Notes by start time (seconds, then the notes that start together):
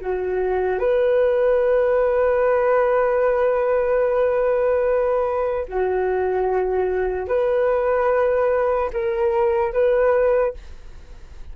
0.00 F#4
0.79 B4
5.68 F#4
7.28 B4
8.93 A#4
9.73 B4